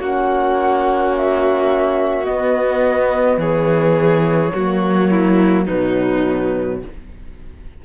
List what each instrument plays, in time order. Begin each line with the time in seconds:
0.00 cello A#3, horn C#4, violin F#4, flute F#5
1.16 flute E5
2.24 horn B3, cello B3, flute D#5
3.37 cello E3, violin G#4, flute C#5
4.54 cello F#3, horn A#3, violin F#4
5.10 violin E4
5.65 cello B2, violin D#4, flute B4
5.71 horn F#3